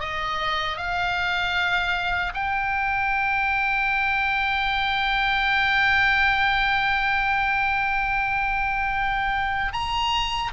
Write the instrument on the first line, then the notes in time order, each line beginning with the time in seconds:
oboe
0.00 D#5
0.77 F5
2.34 G5
9.73 A#5